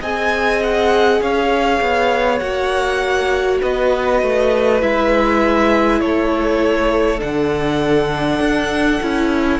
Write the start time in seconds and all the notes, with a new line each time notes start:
0.00 C4 G#4 D#5 G#5
0.63 F#5
1.20 C#4 C#5 F5
1.81 B3
2.39 A#3 F#4 F#5
3.61 B3 B4 D#5
4.22 A3
4.80 G#3 E4 E5
6.00 A3 A4 C#5
7.19 D3 D4 F#5
8.39 D4
9.02 C#4 E4